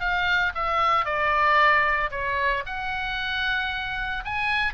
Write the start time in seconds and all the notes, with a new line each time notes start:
0.00 F5
0.55 E5
1.05 D5
2.11 C#5
2.66 F#5
4.25 G#5